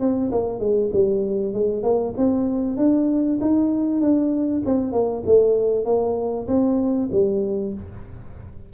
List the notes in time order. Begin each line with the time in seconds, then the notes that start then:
0.00 C4
0.32 A#3
0.60 G#3
0.93 G3
1.54 G#3
1.83 A#3
2.17 C4
2.77 D4
3.41 D#4
4.01 D4
4.66 C4
4.92 A#3
5.26 A3
5.85 A#3
6.48 C4
7.12 G3